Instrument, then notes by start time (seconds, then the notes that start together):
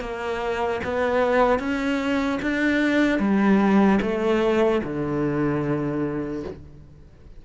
cello
0.00 A#3
0.84 B3
1.59 C#4
2.42 D4
3.19 G3
4.01 A3
4.83 D3